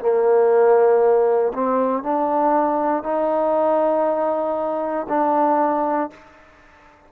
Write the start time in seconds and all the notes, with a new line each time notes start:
0.00 A#3
1.53 C4
2.03 D4
3.04 D#4
5.09 D4